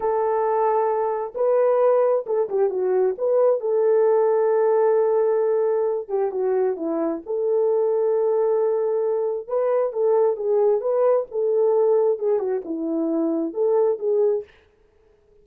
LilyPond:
\new Staff \with { instrumentName = "horn" } { \time 4/4 \tempo 4 = 133 a'2. b'4~ | b'4 a'8 g'8 fis'4 b'4 | a'1~ | a'4. g'8 fis'4 e'4 |
a'1~ | a'4 b'4 a'4 gis'4 | b'4 a'2 gis'8 fis'8 | e'2 a'4 gis'4 | }